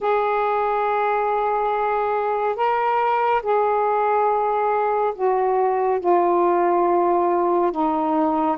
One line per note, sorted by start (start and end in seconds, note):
0.00 2.56 G#4
2.56 3.41 A#4
3.42 5.14 G#4
5.15 6.00 F#4
6.00 7.71 F4
7.71 8.57 D#4